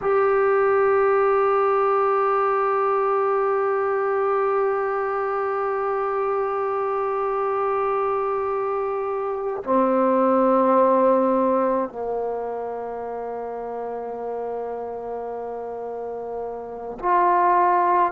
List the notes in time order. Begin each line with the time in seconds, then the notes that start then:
0.01 G4
9.63 C4
11.89 A#3
16.99 F4